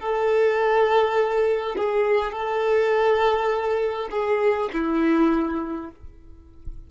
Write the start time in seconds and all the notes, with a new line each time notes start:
0.00 A4
1.77 G#4
2.32 A4
4.11 G#4
4.73 E4